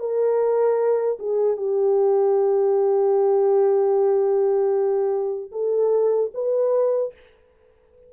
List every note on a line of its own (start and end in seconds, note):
0.00 1.18 A#4
1.19 1.57 G#4
1.57 5.52 G4
5.52 6.31 A4
6.34 7.13 B4